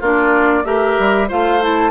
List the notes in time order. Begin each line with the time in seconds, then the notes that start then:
0.00 A#3 D4 F4 D5
0.64 A3 G4 A#4 E5
0.99 G3
1.28 A3 F4 C5 F5
1.61 E4 A5